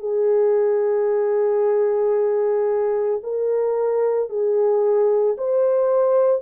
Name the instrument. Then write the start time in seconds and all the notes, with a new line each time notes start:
horn
0.00 G#4
3.23 A#4
4.30 G#4
5.38 C5